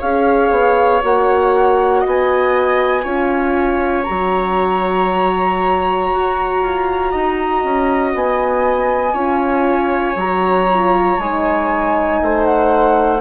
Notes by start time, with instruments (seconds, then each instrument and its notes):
0.00 bassoon C#4, horn G#4, viola C#5, flute F5
0.51 bassoon B3
1.03 bassoon A#3, horn F#4, flute F#5
2.01 bassoon B3, viola D#5
2.08 flute G#5
3.03 bassoon C#4, horn F4, viola C#5
4.04 bassoon F#3, horn F#4, flute A#5
6.12 bassoon F#4
6.62 bassoon F4
7.11 bassoon D#4, viola D#5
7.64 bassoon C#4
8.15 bassoon B3, flute G#5
9.13 bassoon C#4, horn F4, viola C#5
10.16 bassoon F#3, horn F#4, flute A#5
10.71 horn F4
11.19 bassoon G#3, horn D#4, flute G#5
12.22 bassoon A3, viola C5
12.44 flute F#5